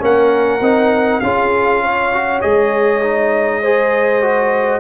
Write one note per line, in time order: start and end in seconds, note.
0.00 0.61 A#3
0.00 0.60 C#4
0.00 1.23 A#4
0.00 1.21 F#5
0.61 1.21 C4
0.61 1.23 D#4
1.21 2.42 C#4
1.21 2.13 F4
1.21 1.84 G#4
1.21 2.41 F5
1.84 3.62 C#5
2.13 2.42 F#4
2.42 4.80 G#3
2.42 3.02 G#4
2.42 4.80 D#5
3.03 3.63 D#4
3.62 4.22 G#4
3.62 4.80 C5
4.22 4.80 F#4